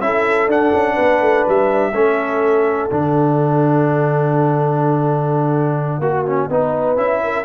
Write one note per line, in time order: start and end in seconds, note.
0.00 0.47 C#4
0.00 0.49 E4
0.00 0.94 A4
0.00 0.49 E5
0.47 0.71 D4
0.47 1.93 D4
0.47 1.47 F#5
0.73 0.97 C#4
0.94 1.21 B3
0.94 1.90 B4
1.21 1.45 A3
1.47 1.93 G3
1.47 2.89 E5
1.93 2.89 A3
1.93 2.90 C#4
1.93 6.01 A4
2.89 5.99 D3
2.89 6.01 D4
2.89 6.97 F#5
5.99 6.47 A#3
5.99 6.25 F#4
5.99 6.49 F#4
6.25 6.50 C#4
6.49 6.96 B3
6.49 6.96 D#4
6.49 7.21 B4
6.96 7.44 C#4
6.96 7.44 E4
6.96 7.45 E5
7.23 7.45 A#4